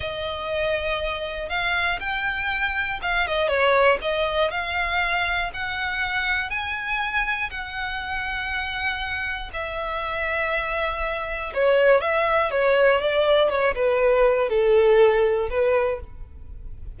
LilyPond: \new Staff \with { instrumentName = "violin" } { \time 4/4 \tempo 4 = 120 dis''2. f''4 | g''2 f''8 dis''8 cis''4 | dis''4 f''2 fis''4~ | fis''4 gis''2 fis''4~ |
fis''2. e''4~ | e''2. cis''4 | e''4 cis''4 d''4 cis''8 b'8~ | b'4 a'2 b'4 | }